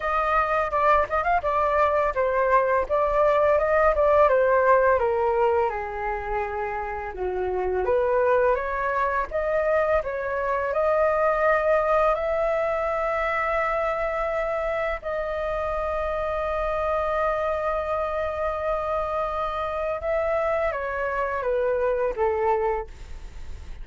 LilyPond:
\new Staff \with { instrumentName = "flute" } { \time 4/4 \tempo 4 = 84 dis''4 d''8 dis''16 f''16 d''4 c''4 | d''4 dis''8 d''8 c''4 ais'4 | gis'2 fis'4 b'4 | cis''4 dis''4 cis''4 dis''4~ |
dis''4 e''2.~ | e''4 dis''2.~ | dis''1 | e''4 cis''4 b'4 a'4 | }